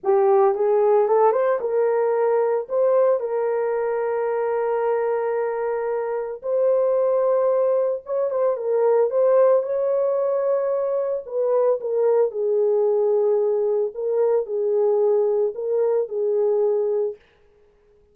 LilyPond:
\new Staff \with { instrumentName = "horn" } { \time 4/4 \tempo 4 = 112 g'4 gis'4 a'8 c''8 ais'4~ | ais'4 c''4 ais'2~ | ais'1 | c''2. cis''8 c''8 |
ais'4 c''4 cis''2~ | cis''4 b'4 ais'4 gis'4~ | gis'2 ais'4 gis'4~ | gis'4 ais'4 gis'2 | }